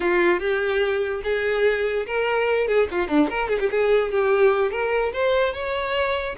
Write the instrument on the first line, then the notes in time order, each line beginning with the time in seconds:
violin
0.00 F4
0.39 G4
1.23 G#4
2.06 A#4
2.67 G#4
2.91 F4
3.07 D4
3.29 A#4
3.48 G#4
3.59 G4
3.70 G#4
4.11 G4
4.71 A#4
5.13 C5
5.53 C#5